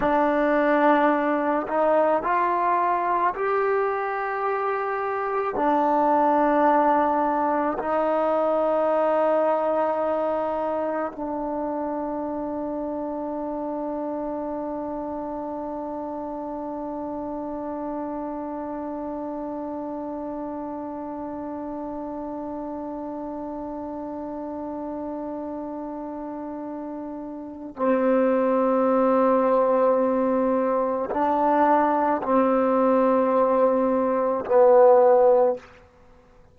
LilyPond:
\new Staff \with { instrumentName = "trombone" } { \time 4/4 \tempo 4 = 54 d'4. dis'8 f'4 g'4~ | g'4 d'2 dis'4~ | dis'2 d'2~ | d'1~ |
d'1~ | d'1~ | d'4 c'2. | d'4 c'2 b4 | }